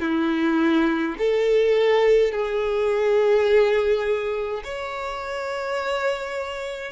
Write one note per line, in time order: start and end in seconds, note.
0.00 1.15 E4
1.19 2.32 A4
2.32 4.63 G#4
4.64 6.92 C#5